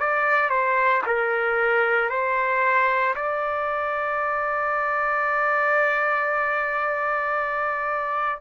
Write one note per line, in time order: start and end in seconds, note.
0.00 0.50 D5
0.50 1.02 C5
1.07 2.10 A#4
2.10 3.15 C5
3.16 8.41 D5